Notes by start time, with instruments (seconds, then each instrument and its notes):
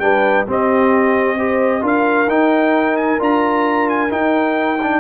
0.00 tuba G3, trombone D4, horn B4, trumpet G5
0.46 tuba C4, trombone C4, horn G4, trumpet D#5
1.38 trombone G4, horn C5
1.81 tuba D4, trombone F4, horn A#4, trumpet F5
2.28 tuba D#4, trombone D#4, trumpet G5
2.97 trumpet G#5
3.20 tuba D4, trombone F4, trumpet A#5
3.89 trumpet G#5
4.10 trombone D#4, tuba D#4, trumpet G5
4.83 trombone D4